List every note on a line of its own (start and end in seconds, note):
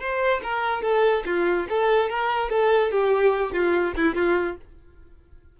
0.00 0.41 C5
0.43 0.82 A#4
0.82 1.24 A4
1.26 1.67 F4
1.69 2.10 A4
2.10 2.50 A#4
2.50 2.91 A4
2.91 3.53 G4
3.53 3.94 F4
3.97 4.15 E4
4.15 4.56 F4